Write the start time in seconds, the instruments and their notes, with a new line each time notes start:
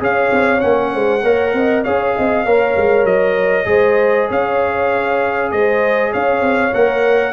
0.00 tuba C#4, trombone G#4, horn C#5, trumpet F5
0.32 tuba C4
0.60 tuba A#3, trombone C#4, trumpet F#5
0.93 tuba G#3, horn C5
1.23 tuba A#3, trombone A#4, horn C#5
1.54 tuba C4, horn D#5
1.84 tuba C#4, trombone G#4, horn C#5, trumpet F5
2.15 tuba C4, horn D#5
2.45 tuba A#3, trombone A#4, horn C#5
2.77 tuba G#3
3.05 tuba F#3, trumpet D#5
3.65 tuba G#3, trombone G#4, horn C5
4.29 tuba C#4, horn C#5, trumpet F5
5.51 tuba G#3, horn C5, trumpet D#5
6.12 tuba C#4, horn C#5, trumpet F5
6.41 tuba C4
6.74 tuba A#3, trombone A#4, trumpet F#5